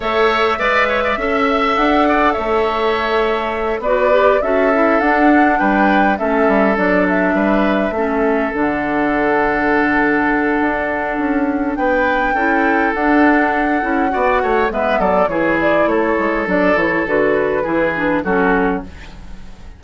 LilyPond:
<<
  \new Staff \with { instrumentName = "flute" } { \time 4/4 \tempo 4 = 102 e''2. fis''4 | e''2~ e''8 d''4 e''8~ | e''8 fis''4 g''4 e''4 d''8 | e''2~ e''8 fis''4.~ |
fis''1 | g''2 fis''2~ | fis''4 e''8 d''8 cis''8 d''8 cis''4 | d''8 cis''8 b'2 a'4 | }
  \new Staff \with { instrumentName = "oboe" } { \time 4/4 cis''4 d''8 cis''16 d''16 e''4. d''8 | cis''2~ cis''8 b'4 a'8~ | a'4. b'4 a'4.~ | a'8 b'4 a'2~ a'8~ |
a'1 | b'4 a'2. | d''8 cis''8 b'8 a'8 gis'4 a'4~ | a'2 gis'4 fis'4 | }
  \new Staff \with { instrumentName = "clarinet" } { \time 4/4 a'4 b'4 a'2~ | a'2~ a'8 fis'8 g'8 fis'8 | e'8 d'2 cis'4 d'8~ | d'4. cis'4 d'4.~ |
d'1~ | d'4 e'4 d'4. e'8 | fis'4 b4 e'2 | d'8 e'8 fis'4 e'8 d'8 cis'4 | }
  \new Staff \with { instrumentName = "bassoon" } { \time 4/4 a4 gis4 cis'4 d'4 | a2~ a8 b4 cis'8~ | cis'8 d'4 g4 a8 g8 fis8~ | fis8 g4 a4 d4.~ |
d2 d'4 cis'4 | b4 cis'4 d'4. cis'8 | b8 a8 gis8 fis8 e4 a8 gis8 | fis8 e8 d4 e4 fis4 | }
>>